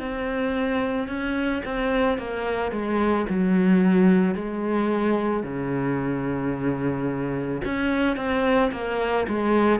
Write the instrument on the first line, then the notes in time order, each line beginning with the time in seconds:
cello
0.00 C4
1.08 C#4
1.65 C4
2.18 A#3
2.72 G#3
3.30 F#3
4.35 G#3
5.43 C#3
7.65 C#4
8.17 C4
8.73 A#3
9.28 G#3